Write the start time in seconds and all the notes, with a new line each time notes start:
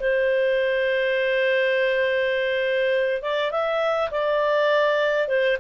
0.00 C5
3.22 D5
3.51 E5
4.11 D5
5.28 C5